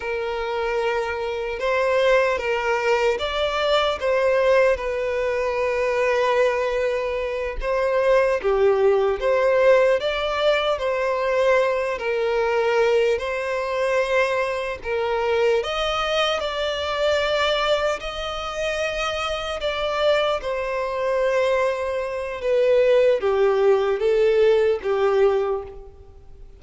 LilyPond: \new Staff \with { instrumentName = "violin" } { \time 4/4 \tempo 4 = 75 ais'2 c''4 ais'4 | d''4 c''4 b'2~ | b'4. c''4 g'4 c''8~ | c''8 d''4 c''4. ais'4~ |
ais'8 c''2 ais'4 dis''8~ | dis''8 d''2 dis''4.~ | dis''8 d''4 c''2~ c''8 | b'4 g'4 a'4 g'4 | }